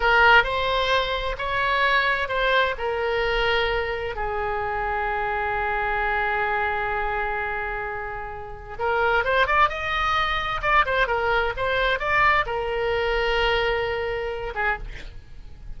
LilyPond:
\new Staff \with { instrumentName = "oboe" } { \time 4/4 \tempo 4 = 130 ais'4 c''2 cis''4~ | cis''4 c''4 ais'2~ | ais'4 gis'2.~ | gis'1~ |
gis'2. ais'4 | c''8 d''8 dis''2 d''8 c''8 | ais'4 c''4 d''4 ais'4~ | ais'2.~ ais'8 gis'8 | }